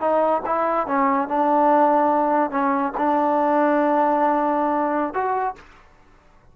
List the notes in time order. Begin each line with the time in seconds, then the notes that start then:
0.00 D#4
0.46 E4
0.87 C#4
1.28 D4
2.51 C#4
2.97 D4
5.14 F#4